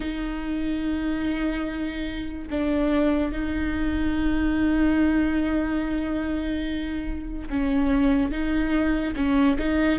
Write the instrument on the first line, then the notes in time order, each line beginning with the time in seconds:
viola
0.00 D#4
2.50 D4
3.31 D#4
7.49 C#4
8.31 D#4
9.16 C#4
9.58 D#4